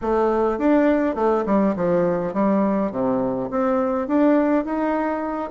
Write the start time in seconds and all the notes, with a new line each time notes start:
0.01 A3
0.58 D4
1.15 A3
1.46 G3
1.76 F3
2.33 G3
2.91 C3
3.50 C4
4.07 D4
4.64 D#4